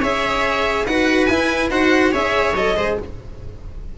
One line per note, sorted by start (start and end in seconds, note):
0.00 0.86 C#4
0.00 0.87 G#4
0.00 0.85 C#5
0.00 0.86 E5
0.86 1.28 D#4
0.86 1.30 F#4
0.86 1.71 B4
0.86 1.26 F#5
1.26 1.70 E4
1.26 1.71 E4
1.26 1.68 G#5
1.70 2.13 D#4
1.70 2.12 F#4
1.70 2.12 C5
1.70 2.14 F#5
2.12 2.55 C#4
2.12 2.54 G#4
2.12 2.75 C#5
2.12 2.56 E5
2.55 2.76 F#3
2.55 2.77 A4
2.55 2.98 D#5
2.76 2.98 G#3
2.76 2.98 G#4
2.76 2.98 C5